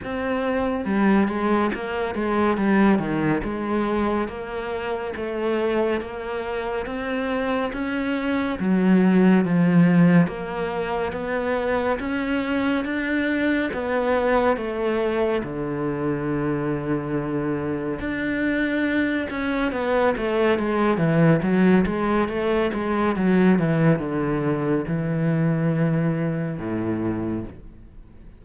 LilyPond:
\new Staff \with { instrumentName = "cello" } { \time 4/4 \tempo 4 = 70 c'4 g8 gis8 ais8 gis8 g8 dis8 | gis4 ais4 a4 ais4 | c'4 cis'4 fis4 f4 | ais4 b4 cis'4 d'4 |
b4 a4 d2~ | d4 d'4. cis'8 b8 a8 | gis8 e8 fis8 gis8 a8 gis8 fis8 e8 | d4 e2 a,4 | }